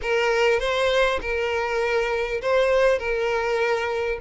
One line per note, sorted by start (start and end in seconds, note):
0.02 0.59 A#4
0.59 1.19 C5
1.21 2.41 A#4
2.41 2.98 C5
2.98 4.18 A#4